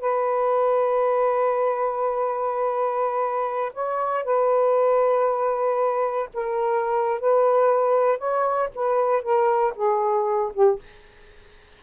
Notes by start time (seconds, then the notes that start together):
0.00 B4
3.73 C#5
4.24 B4
6.34 A#4
7.20 B4
8.18 C#5
8.75 B4
9.23 A#4
9.75 G#4
10.53 G4